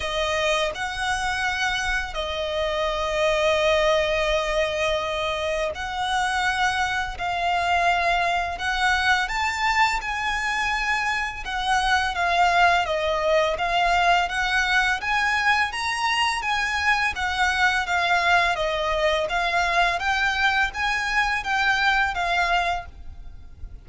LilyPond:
\new Staff \with { instrumentName = "violin" } { \time 4/4 \tempo 4 = 84 dis''4 fis''2 dis''4~ | dis''1 | fis''2 f''2 | fis''4 a''4 gis''2 |
fis''4 f''4 dis''4 f''4 | fis''4 gis''4 ais''4 gis''4 | fis''4 f''4 dis''4 f''4 | g''4 gis''4 g''4 f''4 | }